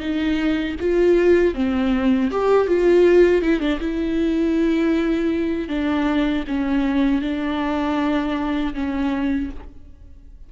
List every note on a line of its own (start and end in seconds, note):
0.00 0.76 D#4
0.80 1.55 F4
1.55 2.31 C4
2.31 2.68 G4
2.68 3.42 F4
3.42 3.60 E4
3.60 3.79 D4
3.80 5.69 E4
5.69 6.45 D4
6.48 7.22 C#4
7.22 8.74 D4
8.74 9.50 C#4